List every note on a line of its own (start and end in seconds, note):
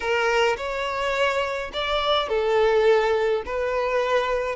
0.00 0.56 A#4
0.56 1.71 C#5
1.73 2.29 D5
2.29 3.43 A4
3.45 4.55 B4